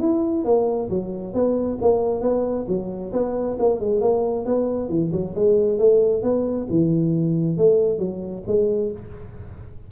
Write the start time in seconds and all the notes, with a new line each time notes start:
0.00 E4
0.45 A#3
0.90 F#3
1.34 B3
1.81 A#3
2.21 B3
2.68 F#3
3.13 B3
3.59 A#3
3.80 G#3
4.01 A#3
4.45 B3
4.89 E3
5.12 F#3
5.35 G#3
5.79 A3
6.23 B3
6.70 E3
7.58 A3
7.99 F#3
8.47 G#3